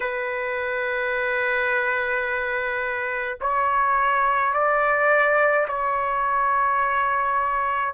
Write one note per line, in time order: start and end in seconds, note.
0.00 3.38 B4
3.40 4.53 C#5
4.53 5.66 D5
5.68 7.93 C#5